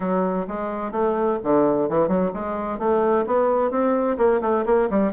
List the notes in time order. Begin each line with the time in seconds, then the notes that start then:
0.00 F#3
0.47 G#3
0.91 A3
1.43 D3
1.89 E3
2.08 F#3
2.33 G#3
2.78 A3
3.26 B3
3.70 C4
4.17 A#3
4.41 A3
4.65 A#3
4.90 G3